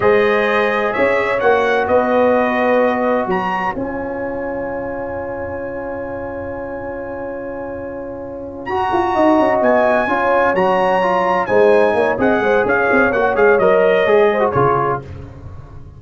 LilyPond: <<
  \new Staff \with { instrumentName = "trumpet" } { \time 4/4 \tempo 4 = 128 dis''2 e''4 fis''4 | dis''2. ais''4 | gis''1~ | gis''1~ |
gis''2~ gis''8 ais''4.~ | ais''8 gis''2 ais''4.~ | ais''8 gis''4. fis''4 f''4 | fis''8 f''8 dis''2 cis''4 | }
  \new Staff \with { instrumentName = "horn" } { \time 4/4 c''2 cis''2 | b'2. cis''4~ | cis''1~ | cis''1~ |
cis''2.~ cis''8 dis''8~ | dis''4. cis''2~ cis''8~ | cis''8 c''4 cis''8 dis''8 c''8 cis''4~ | cis''2~ cis''8 c''8 gis'4 | }
  \new Staff \with { instrumentName = "trombone" } { \time 4/4 gis'2. fis'4~ | fis'1 | f'1~ | f'1~ |
f'2~ f'8 fis'4.~ | fis'4. f'4 fis'4 f'8~ | f'8 dis'4. gis'2 | fis'8 gis'8 ais'4 gis'8. fis'16 f'4 | }
  \new Staff \with { instrumentName = "tuba" } { \time 4/4 gis2 cis'4 ais4 | b2. fis4 | cis'1~ | cis'1~ |
cis'2~ cis'8 fis'8 f'8 dis'8 | cis'8 b4 cis'4 fis4.~ | fis8 gis4 ais8 c'8 gis8 cis'8 c'8 | ais8 gis8 fis4 gis4 cis4 | }
>>